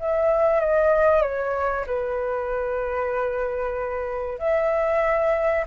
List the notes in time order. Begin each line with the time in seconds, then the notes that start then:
0.00 E5
0.60 D#5
1.22 C#5
1.87 B4
4.39 E5